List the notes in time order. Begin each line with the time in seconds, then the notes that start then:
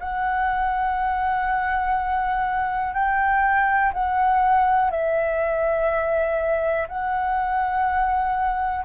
0.00 F#5
2.94 G5
3.94 F#5
4.91 E5
6.89 F#5